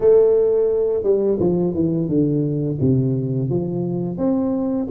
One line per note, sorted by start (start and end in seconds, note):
0.00 1.03 A3
1.03 1.38 G3
1.40 1.74 F3
1.74 2.08 E3
2.08 2.77 D3
2.80 3.49 C3
3.49 4.17 F3
4.17 4.87 C4